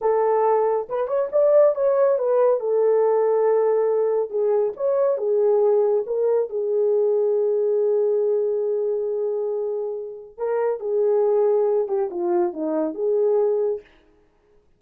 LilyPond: \new Staff \with { instrumentName = "horn" } { \time 4/4 \tempo 4 = 139 a'2 b'8 cis''8 d''4 | cis''4 b'4 a'2~ | a'2 gis'4 cis''4 | gis'2 ais'4 gis'4~ |
gis'1~ | gis'1 | ais'4 gis'2~ gis'8 g'8 | f'4 dis'4 gis'2 | }